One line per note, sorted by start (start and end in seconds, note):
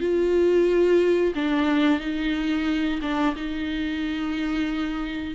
0.00 1.33 F4
1.35 2.00 D4
2.00 3.00 D#4
3.02 3.35 D4
3.35 5.35 D#4